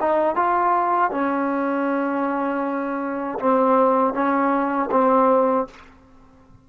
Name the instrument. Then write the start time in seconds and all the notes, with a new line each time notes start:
trombone
0.00 D#4
0.36 F4
1.11 C#4
3.39 C4
4.14 C#4
4.91 C4